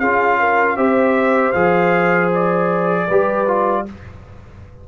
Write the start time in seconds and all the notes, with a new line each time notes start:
0.00 C#4 F4 G#4 F5
0.40 A#4
0.77 C4 G4 C5 E5
1.53 F3 G#4 F5
2.35 D5
3.08 G3 G4 B4
3.48 F4